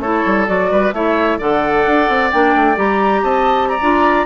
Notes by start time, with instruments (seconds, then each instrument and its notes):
0.00 bassoon A3, clarinet E4, oboe A4, flute C#5
0.26 bassoon G3
0.47 bassoon F#3, clarinet F#4, flute D5
0.72 bassoon G3, oboe B4
0.93 bassoon A3, clarinet E4, oboe C#5, flute E5
1.39 bassoon D3, clarinet A4, oboe D5, flute F#5
1.87 bassoon D4
2.09 bassoon C4
2.31 bassoon A#3, clarinet D4, flute G5
2.55 bassoon A3
2.76 bassoon G3, clarinet G4, flute A#5
3.23 bassoon C4, oboe D#5, flute A5
3.69 oboe D5, flute A#5
3.82 bassoon D4, clarinet F4